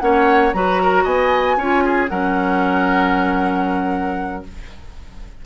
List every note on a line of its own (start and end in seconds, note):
0.00 0.53 A#3
0.00 0.53 C#4
0.00 0.56 C#5
0.00 0.52 F#5
0.53 1.05 F#3
0.53 1.58 F#4
0.53 0.82 B4
0.53 1.05 A#5
0.83 1.04 A#4
1.04 1.57 B3
1.04 1.56 D#5
1.04 2.09 G#5
1.57 2.09 C#4
1.57 2.09 F4
1.57 1.84 C#5
1.85 2.10 G#4
2.09 4.46 F#3
2.09 4.44 C#4
2.09 4.45 A#4
2.09 4.44 F#5